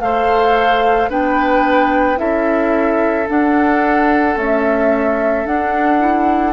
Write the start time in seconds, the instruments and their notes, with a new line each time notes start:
0.00 bassoon A3, clarinet A4, oboe C5, flute F5
1.10 bassoon B3, clarinet D4, oboe B4, flute G5
2.16 bassoon C#4, clarinet E4, oboe A4, flute E5
3.27 clarinet D4, bassoon D4, flute F#5
4.36 clarinet A3, bassoon C#4, flute E5
5.45 clarinet D4, bassoon D4, flute F#5
5.99 clarinet E4